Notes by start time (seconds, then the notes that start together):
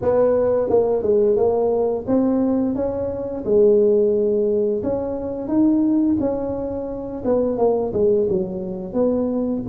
0.01 B3
0.69 A#3
1.02 G#3
1.36 A#3
2.07 C4
2.75 C#4
3.45 G#3
4.83 C#4
5.48 D#4
6.19 C#4
7.24 B3
7.58 A#3
7.93 G#3
8.29 F#3
8.93 B3